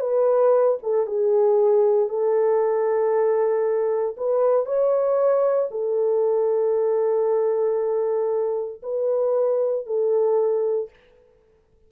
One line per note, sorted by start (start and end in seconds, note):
0.00 0.78 B4
0.82 1.07 A4
1.07 2.09 G#4
2.09 4.16 A4
4.17 4.66 B4
4.66 5.69 C#5
5.71 8.81 A4
8.82 9.86 B4
9.86 10.89 A4